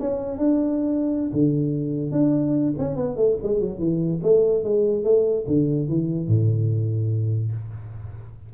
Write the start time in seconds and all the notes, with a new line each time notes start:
0.00 C#4
0.38 D4
1.33 D3
2.12 D4
2.79 C#4
2.96 B3
3.16 A3
3.43 G#3
3.61 F#3
3.79 E3
4.23 A3
4.64 G#3
5.04 A3
5.48 D3
5.89 E3
6.28 A2